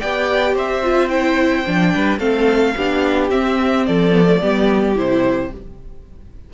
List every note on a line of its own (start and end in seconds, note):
0.00 0.56 B3
0.00 0.83 G4
0.00 0.55 D5
0.00 0.55 G5
0.55 1.66 C4
0.55 1.93 C5
0.55 1.09 E5
0.83 1.10 F4
1.09 1.65 E4
1.09 2.19 G5
1.67 1.95 F3
1.67 2.19 D4
1.95 2.19 G3
1.95 2.19 B4
2.19 2.74 A3
2.19 2.74 C4
2.19 2.74 A4
2.19 3.29 F5
2.77 3.32 B3
2.77 3.31 D4
2.77 3.87 G4
3.31 4.12 C4
3.31 3.87 C4
3.31 3.86 E5
3.86 4.42 F3
3.86 4.42 A4
3.86 4.96 D5
4.12 4.26 B3
4.26 4.40 A3
4.41 4.96 G3
4.41 4.95 B3
4.41 5.52 G4
4.95 5.51 C3
4.95 5.50 E4
4.95 5.53 C5